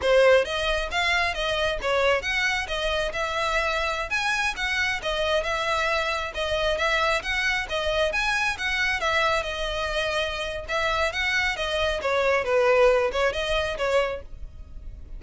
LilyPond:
\new Staff \with { instrumentName = "violin" } { \time 4/4 \tempo 4 = 135 c''4 dis''4 f''4 dis''4 | cis''4 fis''4 dis''4 e''4~ | e''4~ e''16 gis''4 fis''4 dis''8.~ | dis''16 e''2 dis''4 e''8.~ |
e''16 fis''4 dis''4 gis''4 fis''8.~ | fis''16 e''4 dis''2~ dis''8. | e''4 fis''4 dis''4 cis''4 | b'4. cis''8 dis''4 cis''4 | }